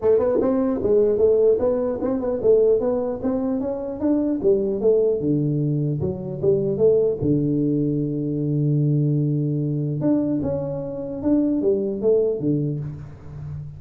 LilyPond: \new Staff \with { instrumentName = "tuba" } { \time 4/4 \tempo 4 = 150 a8 b8 c'4 gis4 a4 | b4 c'8 b8 a4 b4 | c'4 cis'4 d'4 g4 | a4 d2 fis4 |
g4 a4 d2~ | d1~ | d4 d'4 cis'2 | d'4 g4 a4 d4 | }